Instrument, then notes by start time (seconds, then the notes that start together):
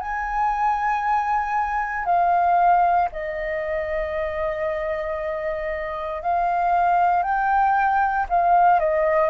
flute
0.00 G#5
2.05 F5
3.12 D#5
6.22 F5
7.23 G5
8.29 F5
8.80 D#5